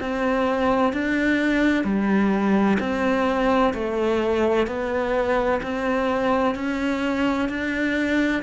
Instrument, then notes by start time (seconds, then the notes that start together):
cello
0.00 C4
0.93 D4
1.84 G3
2.80 C4
3.74 A3
4.67 B3
5.62 C4
6.55 C#4
7.49 D4